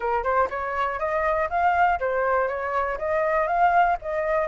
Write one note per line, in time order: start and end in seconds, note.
0.00 0.23 A#4
0.23 0.48 C5
0.50 0.99 C#5
0.99 1.49 D#5
1.49 1.99 F5
1.99 2.48 C5
2.48 2.97 C#5
2.98 3.47 D#5
3.47 3.96 F5
4.01 4.47 D#5